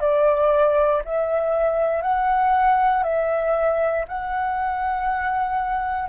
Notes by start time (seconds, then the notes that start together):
0.00 D5
1.04 E5
2.02 F#5
3.03 E5
4.07 F#5